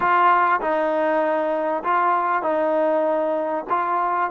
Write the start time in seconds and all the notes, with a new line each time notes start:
0.00 F4
0.60 D#4
1.83 F4
2.42 D#4
3.69 F4